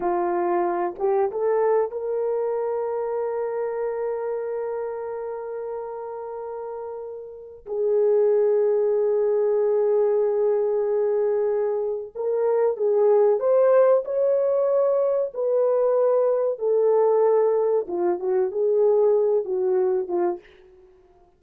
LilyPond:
\new Staff \with { instrumentName = "horn" } { \time 4/4 \tempo 4 = 94 f'4. g'8 a'4 ais'4~ | ais'1~ | ais'1 | gis'1~ |
gis'2. ais'4 | gis'4 c''4 cis''2 | b'2 a'2 | f'8 fis'8 gis'4. fis'4 f'8 | }